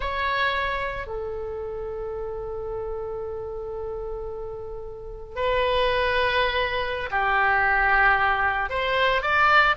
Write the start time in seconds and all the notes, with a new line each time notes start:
0.00 C#5
1.06 A4
5.35 B4
7.10 G4
8.69 C5
9.21 D5